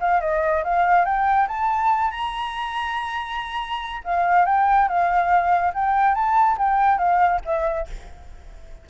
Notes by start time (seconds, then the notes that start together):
0.00 F5
0.21 D#5
0.64 F5
1.05 G5
1.48 A5
2.11 A#5
4.04 F5
4.45 G5
4.88 F5
5.73 G5
6.15 A5
6.58 G5
6.98 F5
7.45 E5